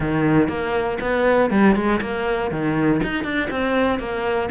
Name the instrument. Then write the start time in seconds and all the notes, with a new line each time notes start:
cello
0.00 D#3
0.48 A#3
1.00 B3
1.50 G3
1.75 G#3
2.01 A#3
2.51 D#3
3.02 D#4
3.24 D4
3.50 C4
3.99 A#3